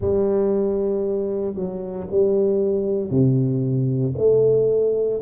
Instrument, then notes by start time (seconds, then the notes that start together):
tuba
0.00 G3
1.55 F#3
2.10 G3
3.10 C3
4.17 A3